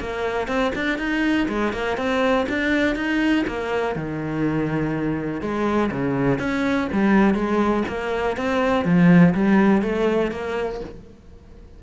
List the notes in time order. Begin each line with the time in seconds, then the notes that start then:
0.00 A#3
0.47 C4
0.75 D4
0.98 D#4
1.48 G#3
1.73 A#3
1.97 C4
2.49 D4
2.96 D#4
3.47 A#3
3.96 D#3
5.41 G#3
5.91 C#3
6.39 C#4
6.92 G3
7.34 G#3
7.88 A#3
8.37 C4
8.85 F3
9.34 G3
9.82 A3
10.31 A#3